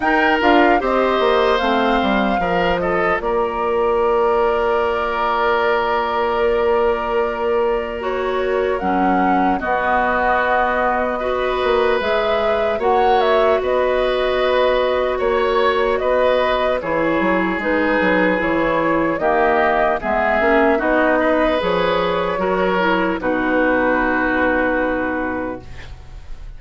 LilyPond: <<
  \new Staff \with { instrumentName = "flute" } { \time 4/4 \tempo 4 = 75 g''8 f''8 dis''4 f''4. dis''8 | d''1~ | d''2 cis''4 fis''4 | dis''2. e''4 |
fis''8 e''8 dis''2 cis''4 | dis''4 cis''4 b'4 cis''4 | dis''4 e''4 dis''4 cis''4~ | cis''4 b'2. | }
  \new Staff \with { instrumentName = "oboe" } { \time 4/4 ais'4 c''2 ais'8 a'8 | ais'1~ | ais'1 | fis'2 b'2 |
cis''4 b'2 cis''4 | b'4 gis'2. | g'4 gis'4 fis'8 b'4. | ais'4 fis'2. | }
  \new Staff \with { instrumentName = "clarinet" } { \time 4/4 dis'8 f'8 g'4 c'4 f'4~ | f'1~ | f'2 fis'4 cis'4 | b2 fis'4 gis'4 |
fis'1~ | fis'4 e'4 dis'4 e'4 | ais4 b8 cis'8 dis'4 gis'4 | fis'8 e'8 dis'2. | }
  \new Staff \with { instrumentName = "bassoon" } { \time 4/4 dis'8 d'8 c'8 ais8 a8 g8 f4 | ais1~ | ais2. fis4 | b2~ b8 ais8 gis4 |
ais4 b2 ais4 | b4 e8 fis8 gis8 fis8 e4 | dis4 gis8 ais8 b4 f4 | fis4 b,2. | }
>>